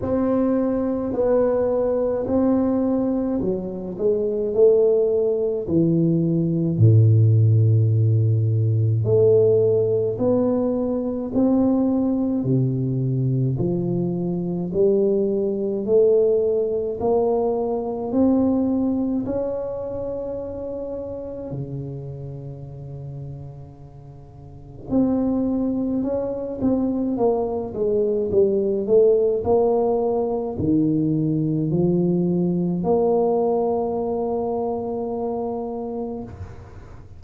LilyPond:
\new Staff \with { instrumentName = "tuba" } { \time 4/4 \tempo 4 = 53 c'4 b4 c'4 fis8 gis8 | a4 e4 a,2 | a4 b4 c'4 c4 | f4 g4 a4 ais4 |
c'4 cis'2 cis4~ | cis2 c'4 cis'8 c'8 | ais8 gis8 g8 a8 ais4 dis4 | f4 ais2. | }